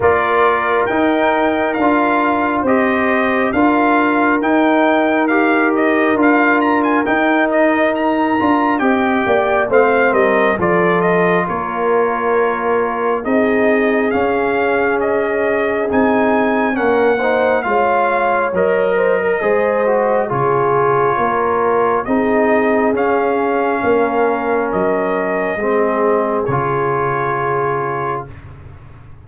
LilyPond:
<<
  \new Staff \with { instrumentName = "trumpet" } { \time 4/4 \tempo 4 = 68 d''4 g''4 f''4 dis''4 | f''4 g''4 f''8 dis''8 f''8 ais''16 gis''16 | g''8 dis''8 ais''4 g''4 f''8 dis''8 | d''8 dis''8 cis''2 dis''4 |
f''4 dis''4 gis''4 fis''4 | f''4 dis''2 cis''4~ | cis''4 dis''4 f''2 | dis''2 cis''2 | }
  \new Staff \with { instrumentName = "horn" } { \time 4/4 ais'2. c''4 | ais'1~ | ais'2 dis''8 d''8 c''8 ais'8 | a'4 ais'2 gis'4~ |
gis'2. ais'8 c''8 | cis''4. c''16 ais'16 c''4 gis'4 | ais'4 gis'2 ais'4~ | ais'4 gis'2. | }
  \new Staff \with { instrumentName = "trombone" } { \time 4/4 f'4 dis'4 f'4 g'4 | f'4 dis'4 g'4 f'4 | dis'4. f'8 g'4 c'4 | f'2. dis'4 |
cis'2 dis'4 cis'8 dis'8 | f'4 ais'4 gis'8 fis'8 f'4~ | f'4 dis'4 cis'2~ | cis'4 c'4 f'2 | }
  \new Staff \with { instrumentName = "tuba" } { \time 4/4 ais4 dis'4 d'4 c'4 | d'4 dis'2 d'4 | dis'4. d'8 c'8 ais8 a8 g8 | f4 ais2 c'4 |
cis'2 c'4 ais4 | gis4 fis4 gis4 cis4 | ais4 c'4 cis'4 ais4 | fis4 gis4 cis2 | }
>>